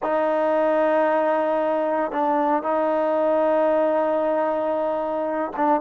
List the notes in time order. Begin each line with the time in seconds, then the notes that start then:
0.02 D#4
2.11 D4
2.62 D#4
5.56 D4